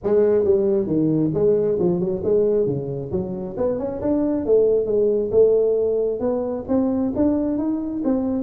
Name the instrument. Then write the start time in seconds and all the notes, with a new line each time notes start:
tuba
0.03 G#3
0.44 G3
0.86 D#3
1.34 G#3
1.79 F3
2.00 F#3
2.23 G#3
2.66 C#3
3.11 F#3
3.57 B3
3.78 C#4
4.01 D4
4.45 A3
4.86 G#3
5.31 A3
6.20 B3
6.68 C4
7.15 D4
7.58 D#4
8.04 C4